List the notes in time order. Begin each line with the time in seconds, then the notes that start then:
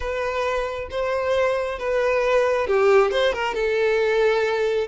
0.00 B4
0.90 C5
1.78 B4
2.67 G4
3.11 C5
3.32 A#4
3.54 A4